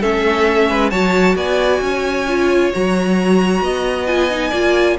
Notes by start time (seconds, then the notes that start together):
0.00 A3 C#4 A4 E5
0.69 G#3 B4
0.90 F#3 F#4 C#5 A5
1.35 B3 D5 G#5
1.81 C#4 C#5
2.28 F4
2.72 F#3 F#4 A#5
3.61 B3 D#5
4.06 F4 G#5
4.30 D#4
4.50 A#3 F4 D5